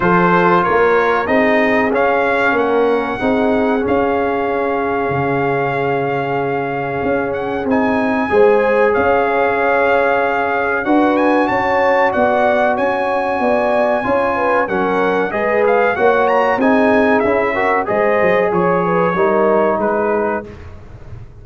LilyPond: <<
  \new Staff \with { instrumentName = "trumpet" } { \time 4/4 \tempo 4 = 94 c''4 cis''4 dis''4 f''4 | fis''2 f''2~ | f''2.~ f''8 fis''8 | gis''2 f''2~ |
f''4 fis''8 gis''8 a''4 fis''4 | gis''2. fis''4 | dis''8 f''8 fis''8 ais''8 gis''4 e''4 | dis''4 cis''2 b'4 | }
  \new Staff \with { instrumentName = "horn" } { \time 4/4 a'4 ais'4 gis'2 | ais'4 gis'2.~ | gis'1~ | gis'4 c''4 cis''2~ |
cis''4 b'4 cis''4 d''4 | cis''4 d''4 cis''8 b'8 ais'4 | b'4 cis''4 gis'4. ais'8 | c''4 cis''8 b'8 ais'4 gis'4 | }
  \new Staff \with { instrumentName = "trombone" } { \time 4/4 f'2 dis'4 cis'4~ | cis'4 dis'4 cis'2~ | cis'1 | dis'4 gis'2.~ |
gis'4 fis'2.~ | fis'2 f'4 cis'4 | gis'4 fis'4 dis'4 e'8 fis'8 | gis'2 dis'2 | }
  \new Staff \with { instrumentName = "tuba" } { \time 4/4 f4 ais4 c'4 cis'4 | ais4 c'4 cis'2 | cis2. cis'4 | c'4 gis4 cis'2~ |
cis'4 d'4 cis'4 b4 | cis'4 b4 cis'4 fis4 | gis4 ais4 c'4 cis'4 | gis8 fis8 f4 g4 gis4 | }
>>